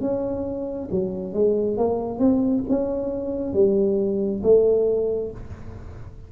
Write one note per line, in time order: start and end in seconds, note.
0.00 0.88 C#4
0.91 1.33 F#3
1.33 1.77 G#3
1.77 2.19 A#3
2.19 2.63 C4
2.69 3.53 C#4
3.53 4.42 G3
4.42 5.31 A3